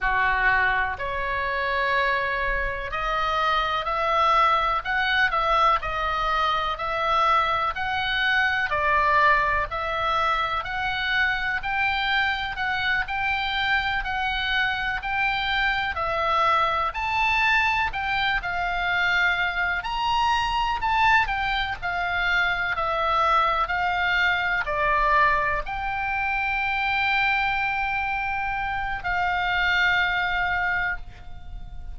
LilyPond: \new Staff \with { instrumentName = "oboe" } { \time 4/4 \tempo 4 = 62 fis'4 cis''2 dis''4 | e''4 fis''8 e''8 dis''4 e''4 | fis''4 d''4 e''4 fis''4 | g''4 fis''8 g''4 fis''4 g''8~ |
g''8 e''4 a''4 g''8 f''4~ | f''8 ais''4 a''8 g''8 f''4 e''8~ | e''8 f''4 d''4 g''4.~ | g''2 f''2 | }